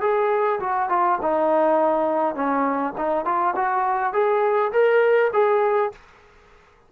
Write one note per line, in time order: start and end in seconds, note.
0.00 0.59 G#4
0.59 0.89 F#4
0.89 1.18 F4
1.21 2.35 D#4
2.35 2.94 C#4
2.97 3.25 D#4
3.25 3.54 F4
3.55 4.13 F#4
4.13 4.72 G#4
4.72 5.30 A#4
5.33 5.91 G#4